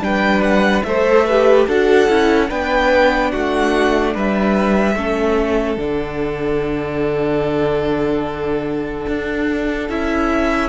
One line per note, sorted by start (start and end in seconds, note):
0.00 0.82 G3
0.00 0.83 D4
0.00 0.86 B4
0.00 0.42 G5
0.42 0.83 F#5
0.83 1.67 A3
0.83 1.28 A4
0.83 1.26 C5
0.83 1.65 E5
1.26 1.69 G4
1.26 1.67 B4
1.67 2.09 D4
1.67 2.09 F#4
1.67 2.49 A4
1.67 2.50 F#5
2.09 2.50 C#4
2.09 2.49 E4
2.49 3.33 B3
2.49 4.95 D4
2.49 3.32 B4
2.49 3.31 G5
3.31 4.15 A3
3.31 4.14 F#4
3.31 4.13 F#5
4.14 4.95 G3
4.14 4.96 B4
4.14 5.80 E5
4.95 5.77 A3
4.95 5.78 C#4
4.95 10.69 A4
5.77 9.06 D3
5.77 9.89 D4
5.77 9.90 F#5
9.08 9.89 D4
9.89 10.69 C#4
9.89 10.69 E4
9.89 10.69 E5